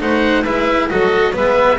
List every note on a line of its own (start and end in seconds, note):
0.00 0.45 A3
0.00 0.44 D#4
0.00 0.43 C5
0.00 0.45 F#5
0.43 0.89 G#3
0.43 0.90 E4
0.43 0.88 B4
0.43 0.89 E5
0.90 1.36 F#3
0.90 1.33 F#4
0.90 1.33 A4
0.90 1.34 D#5
1.33 1.78 G#3
1.33 1.77 B3
1.33 1.78 B4
1.33 1.78 E5